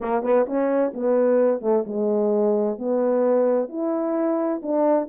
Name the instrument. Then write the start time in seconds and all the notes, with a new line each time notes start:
horn
0.01 A#3
0.22 B3
0.46 C#4
0.93 B3
1.61 A3
1.86 G#3
2.78 B3
3.68 E4
4.62 D4